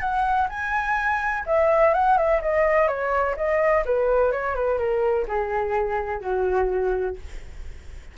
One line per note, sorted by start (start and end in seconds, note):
0.00 0.48 F#5
0.49 1.44 G#5
1.46 1.94 E5
1.94 2.17 F#5
2.17 2.41 E5
2.42 2.88 D#5
2.88 3.35 C#5
3.36 3.84 D#5
3.85 4.32 B4
4.32 4.55 C#5
4.55 4.78 B4
4.78 5.26 A#4
5.27 6.21 G#4
6.21 7.16 F#4